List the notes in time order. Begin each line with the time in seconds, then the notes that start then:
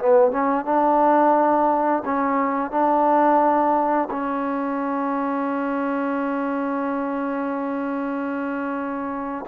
0.00 B3
0.32 C#4
0.66 D4
2.06 C#4
2.71 D4
4.11 C#4